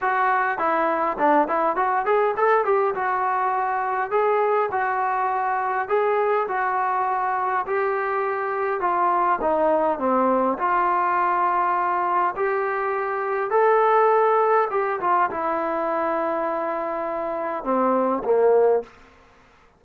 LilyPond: \new Staff \with { instrumentName = "trombone" } { \time 4/4 \tempo 4 = 102 fis'4 e'4 d'8 e'8 fis'8 gis'8 | a'8 g'8 fis'2 gis'4 | fis'2 gis'4 fis'4~ | fis'4 g'2 f'4 |
dis'4 c'4 f'2~ | f'4 g'2 a'4~ | a'4 g'8 f'8 e'2~ | e'2 c'4 ais4 | }